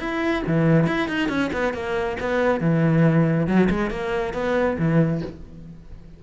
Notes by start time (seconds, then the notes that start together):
0.00 E4
0.47 E3
0.87 E4
1.09 D#4
1.29 C#4
1.53 B3
1.74 A#3
2.20 B3
2.61 E3
3.47 F#3
3.70 G#3
3.91 A#3
4.34 B3
4.78 E3